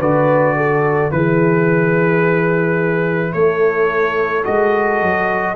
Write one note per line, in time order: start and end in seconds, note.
0.00 1.11 D3
0.00 1.11 F#4
0.00 0.56 B4
0.00 1.12 D5
0.57 1.13 A4
1.11 3.35 E3
1.11 4.44 E4
1.11 3.34 G#4
1.11 3.33 B4
3.33 4.46 A3
3.33 5.56 A4
3.33 4.44 C#5
4.44 5.02 G#3
4.44 5.55 F#4
4.44 5.56 D#5
5.02 5.56 F#3